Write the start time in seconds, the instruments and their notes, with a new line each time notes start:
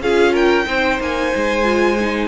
0.00 cello C#4, viola F4, violin G#4 F5
0.32 violin A#4 G5
0.64 cello C4, viola D#4, violin C5
0.99 cello A#3, violin G#5
1.35 cello G#3
1.63 viola F4
1.99 viola D#4